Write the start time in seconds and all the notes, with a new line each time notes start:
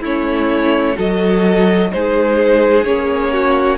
0.00 A3 C#4 E4 C#5
0.95 F#3 F#4 A4 D#5
1.92 G#3 D#4 G#4 C5
2.84 A#3 C#4 C#5
3.32 F#4